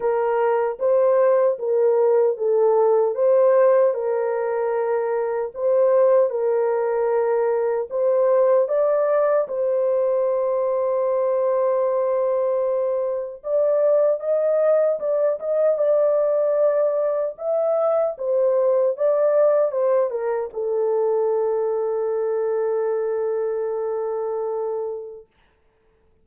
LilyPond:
\new Staff \with { instrumentName = "horn" } { \time 4/4 \tempo 4 = 76 ais'4 c''4 ais'4 a'4 | c''4 ais'2 c''4 | ais'2 c''4 d''4 | c''1~ |
c''4 d''4 dis''4 d''8 dis''8 | d''2 e''4 c''4 | d''4 c''8 ais'8 a'2~ | a'1 | }